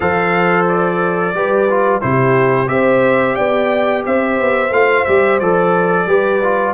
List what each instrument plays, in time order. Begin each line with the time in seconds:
0.00 tuba F3, trombone A4, horn C5, trumpet F5
0.68 trumpet D5
1.33 tuba G3, trombone G4, horn B4
1.70 trombone F4
2.01 tuba C3, trombone E4, horn G4, trumpet C5
2.66 tuba C4, trombone G4, horn C5, trumpet E5
3.35 tuba B3, horn D5, trumpet G5
4.06 tuba C4, horn C5, trumpet E5
4.40 tuba B3
4.70 tuba A3, trombone F4, trumpet F5
5.04 tuba G3, trombone G4, trumpet E5
5.39 tuba F3, trombone A4, trumpet D5
6.06 tuba G3, trombone G4, horn B4
6.43 trombone F4